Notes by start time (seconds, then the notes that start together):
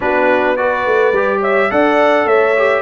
0.00 B3 D4 F#4 B4
0.56 F#4 B4 D5
0.86 A3
1.12 G3 G4
1.40 C#5 E5
1.70 D4 A4 D5 F#5
2.25 A3 C#5 E5
2.56 G4